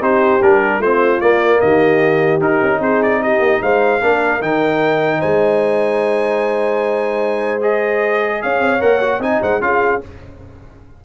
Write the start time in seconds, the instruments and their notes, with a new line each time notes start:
0.00 tuba C4, trombone D#4, horn G4, trumpet C5
0.42 tuba G3, trombone D4, trumpet A#4
0.79 tuba A3, trombone C4, horn F4, trumpet C5
1.20 tuba A#3, trombone A#3, trumpet D5
1.60 tuba D#3, horn G4, trumpet D#5
2.40 tuba D#4, trombone D#4, trumpet A#4
2.62 tuba C#4
2.79 tuba C4, horn G#4, trumpet C5
3.03 trumpet D5
3.22 horn G4, trumpet D#5
3.39 tuba A#3
3.62 tuba G#3, horn C5, trumpet F5
4.00 tuba A#3, trombone D4, horn A#4
4.41 tuba D#3, trombone D#4, trumpet G5
5.18 tuba G#3, horn C5, trumpet G#5
7.60 trombone G#4, trumpet D#5
8.42 tuba C#4, horn C#5, trumpet F5
8.60 tuba C4
8.80 tuba A#3, trombone A#4, trumpet F#5
9.00 trombone F#4
9.19 tuba C4, trombone D#4, horn D#5, trumpet G#5
9.41 tuba G#3, horn C5, trumpet F#5
9.61 tuba C#4, trombone F4, horn G#4, trumpet F5